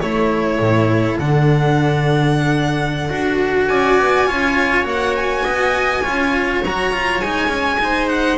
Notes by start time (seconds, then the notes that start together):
0.00 A3 E4 A4 C#5
0.60 A2
1.19 D3 D4 F#5
3.10 D4 F#4
3.67 C#4 D5 G#5
4.00 B3
4.27 C#4 F4 C#5
4.84 A#3 F#4 F#5
5.16 G#5
5.44 B3 D#5
6.02 C#4 F4 C#5
6.64 F#3 F#4 A#5
6.93 F4
7.21 G#3 D#4 G#5
7.48 C#4
7.80 D#4 C5
8.09 F#5